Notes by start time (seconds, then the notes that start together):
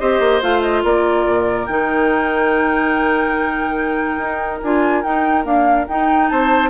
0.00 C4 G4 C5 D#5
0.20 A#3
0.42 A3 F4 F5
0.62 D#5
0.84 A#3 A#4 D5
1.27 A#2
1.67 D#3 D#4 G5
4.18 D#4
4.62 D4 F4 G#5
5.03 D#4 G5
5.44 A#3 D4 F5
5.88 D#4 G5
6.29 C4 C5 A5